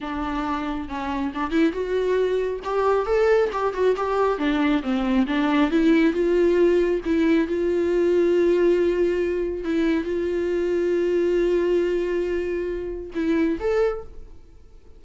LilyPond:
\new Staff \with { instrumentName = "viola" } { \time 4/4 \tempo 4 = 137 d'2 cis'4 d'8 e'8 | fis'2 g'4 a'4 | g'8 fis'8 g'4 d'4 c'4 | d'4 e'4 f'2 |
e'4 f'2.~ | f'2 e'4 f'4~ | f'1~ | f'2 e'4 a'4 | }